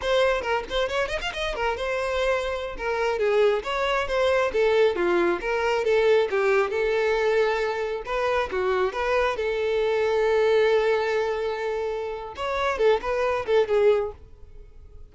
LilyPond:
\new Staff \with { instrumentName = "violin" } { \time 4/4 \tempo 4 = 136 c''4 ais'8 c''8 cis''8 dis''16 f''16 dis''8 ais'8 | c''2~ c''16 ais'4 gis'8.~ | gis'16 cis''4 c''4 a'4 f'8.~ | f'16 ais'4 a'4 g'4 a'8.~ |
a'2~ a'16 b'4 fis'8.~ | fis'16 b'4 a'2~ a'8.~ | a'1 | cis''4 a'8 b'4 a'8 gis'4 | }